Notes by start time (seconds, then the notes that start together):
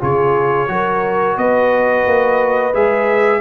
0.00 C#3 F4 G#4 C#5
0.68 F#3 F#4 A#4
1.37 B3 B4 D#5
2.06 A#3
2.74 G#3 G#4 E5